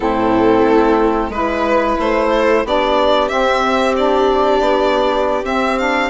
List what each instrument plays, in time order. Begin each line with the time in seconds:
0.00 bassoon A2, saxophone C4, viola E4, violin A4
0.64 bassoon A3
1.29 bassoon G#3, saxophone E4, viola B4, violin B4
1.99 bassoon A3, violin C5
2.29 viola A4
2.64 bassoon B3, saxophone D4, viola G4, violin D5
3.28 saxophone C4, bassoon C4, violin E5
3.96 saxophone D4, violin D5
4.60 bassoon B3
5.43 saxophone C4, bassoon C4, violin E5
5.77 saxophone D4, violin F5